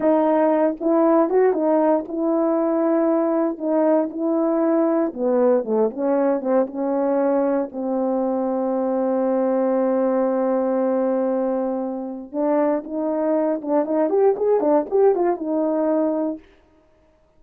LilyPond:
\new Staff \with { instrumentName = "horn" } { \time 4/4 \tempo 4 = 117 dis'4. e'4 fis'8 dis'4 | e'2. dis'4 | e'2 b4 a8 cis'8~ | cis'8 c'8 cis'2 c'4~ |
c'1~ | c'1 | d'4 dis'4. d'8 dis'8 g'8 | gis'8 d'8 g'8 f'8 dis'2 | }